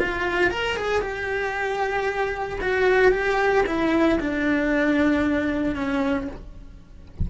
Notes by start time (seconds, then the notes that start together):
0.00 F4
0.51 A#4
0.77 G#4
1.02 G4
2.62 F#4
3.12 G4
3.67 E4
4.20 D4
5.76 C#4